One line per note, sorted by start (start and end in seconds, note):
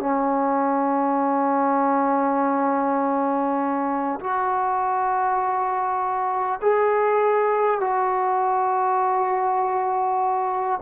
0.00 4.20 C#4
4.20 6.60 F#4
6.62 7.81 G#4
7.81 10.81 F#4